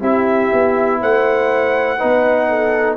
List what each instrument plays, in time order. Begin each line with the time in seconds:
0.00 tuba C4, trombone E4, horn G4, trumpet E5
0.53 tuba B3
1.01 tuba A3, horn C5, trumpet F#5
1.99 tuba B3, trombone D#4, horn B4
2.50 horn A4